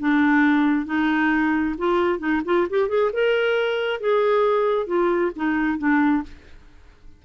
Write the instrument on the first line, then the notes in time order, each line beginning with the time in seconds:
clarinet
0.00 D4
0.86 D#4
1.78 F4
2.19 D#4
2.45 F4
2.70 G4
2.89 G#4
3.13 A#4
4.01 G#4
4.87 F4
5.36 D#4
5.78 D4